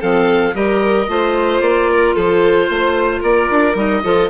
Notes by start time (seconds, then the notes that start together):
0.00 F3 C4 A4 F5
0.54 G3 G4 A#4 D#5
1.08 A3 F4 C5
1.61 A#3 D5
1.91 A#4
2.15 F3 A4 C5
2.67 A3 C5
3.21 A#3 A#4 D5
3.51 D4
3.75 G3 D#4 D#5
4.04 F3 F4 A4